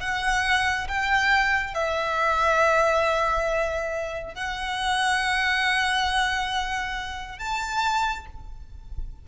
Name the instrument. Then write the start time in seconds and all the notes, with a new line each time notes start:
violin
0.00 F#5
0.87 G5
1.74 E5
4.34 F#5
7.38 A5